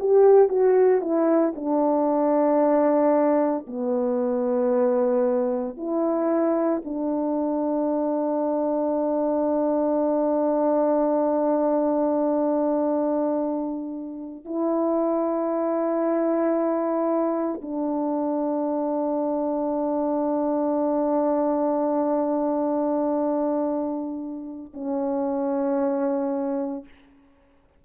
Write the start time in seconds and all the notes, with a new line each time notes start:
0.00 G4
0.48 F#4
1.01 E4
1.56 D4
3.67 B3
5.77 E4
6.84 D4
14.45 E4
17.62 D4
24.74 C#4